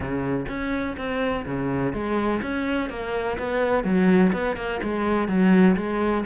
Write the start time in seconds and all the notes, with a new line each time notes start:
0.00 C#3
0.48 C#4
0.97 C4
1.45 C#3
1.93 G#3
2.42 C#4
2.89 A#3
3.38 B3
3.84 F#3
4.32 B3
4.56 A#3
4.82 G#3
5.28 F#3
5.76 G#3